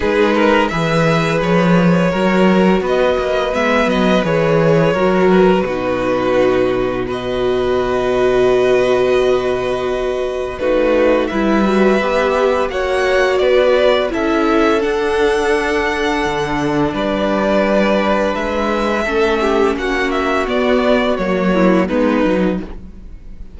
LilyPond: <<
  \new Staff \with { instrumentName = "violin" } { \time 4/4 \tempo 4 = 85 b'4 e''4 cis''2 | dis''4 e''8 dis''8 cis''4. b'8~ | b'2 dis''2~ | dis''2. b'4 |
e''2 fis''4 d''4 | e''4 fis''2. | d''2 e''2 | fis''8 e''8 d''4 cis''4 b'4 | }
  \new Staff \with { instrumentName = "violin" } { \time 4/4 gis'8 ais'8 b'2 ais'4 | b'2. ais'4 | fis'2 b'2~ | b'2. fis'4 |
b'2 cis''4 b'4 | a'1 | b'2. a'8 g'8 | fis'2~ fis'8 e'8 dis'4 | }
  \new Staff \with { instrumentName = "viola" } { \time 4/4 dis'4 gis'2 fis'4~ | fis'4 b4 gis'4 fis'4 | dis'2 fis'2~ | fis'2. dis'4 |
e'8 fis'8 g'4 fis'2 | e'4 d'2.~ | d'2. cis'4~ | cis'4 b4 ais4 b8 dis'8 | }
  \new Staff \with { instrumentName = "cello" } { \time 4/4 gis4 e4 f4 fis4 | b8 ais8 gis8 fis8 e4 fis4 | b,1~ | b,2. a4 |
g4 b4 ais4 b4 | cis'4 d'2 d4 | g2 gis4 a4 | ais4 b4 fis4 gis8 fis8 | }
>>